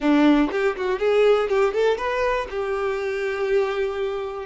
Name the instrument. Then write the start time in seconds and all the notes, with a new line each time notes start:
violin
0.00 D4
0.51 G4
0.76 F#4
0.99 G#4
1.49 G4
1.73 A4
1.97 B4
2.50 G4